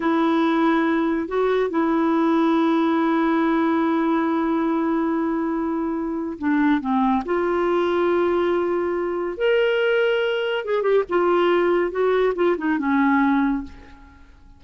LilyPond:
\new Staff \with { instrumentName = "clarinet" } { \time 4/4 \tempo 4 = 141 e'2. fis'4 | e'1~ | e'1~ | e'2. d'4 |
c'4 f'2.~ | f'2 ais'2~ | ais'4 gis'8 g'8 f'2 | fis'4 f'8 dis'8 cis'2 | }